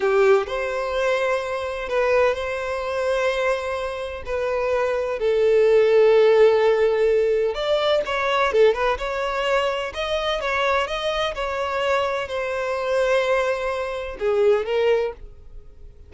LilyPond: \new Staff \with { instrumentName = "violin" } { \time 4/4 \tempo 4 = 127 g'4 c''2. | b'4 c''2.~ | c''4 b'2 a'4~ | a'1 |
d''4 cis''4 a'8 b'8 cis''4~ | cis''4 dis''4 cis''4 dis''4 | cis''2 c''2~ | c''2 gis'4 ais'4 | }